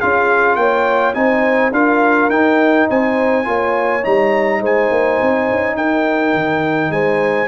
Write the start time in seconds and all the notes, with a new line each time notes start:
0.00 C#4 F4 G#4 F5
0.56 A#3 C#5 G5
1.14 C4 D#4 C5 G#5
1.72 D4 F4 A#4 F5
2.29 D#4 G5
2.88 C4 C5 G#5
3.44 A#3 F4 C#5
4.02 G3 D#4 A#5
4.61 G#3 C5 G#5
4.91 A#3
5.21 C4
5.51 C#4
5.76 D#4 A#4 G5
6.33 D#3
6.90 G#3 C5 G#5